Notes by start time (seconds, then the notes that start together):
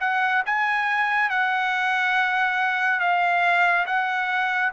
0.00 F#5
0.46 G#5
1.29 F#5
3.00 F5
3.86 F#5